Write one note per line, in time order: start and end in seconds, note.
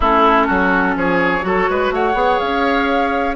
0.00 0.49 A3
0.00 1.41 C#4
0.00 0.46 E4
0.00 0.97 A4
0.46 0.96 F#3
0.46 0.94 F#4
0.96 1.43 F3
0.96 1.45 G#4
0.96 1.93 C#5
1.41 1.67 F#3
1.41 2.13 F#4
1.41 1.69 A4
1.69 1.90 G#3
1.69 1.94 B4
1.90 2.14 A3
1.90 3.36 C#5
1.90 2.39 F#5
2.14 2.38 B3
2.14 3.34 G#4
2.39 3.36 C#4
2.39 3.35 F5